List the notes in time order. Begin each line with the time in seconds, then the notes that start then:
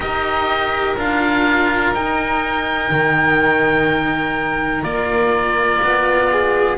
0.00 D#4 G4 A#4 D#5
0.96 D4 F4 F5
1.92 D#4 G5
2.90 D#3
4.83 A#3 F4 D5
5.82 B3
6.31 G#4